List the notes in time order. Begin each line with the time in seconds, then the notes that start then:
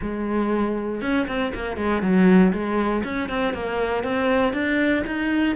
0.01 G#3
1.01 C#4
1.27 C4
1.54 A#3
1.76 G#3
2.02 F#3
2.52 G#3
3.03 C#4
3.29 C4
3.53 A#3
4.03 C4
4.53 D4
5.06 D#4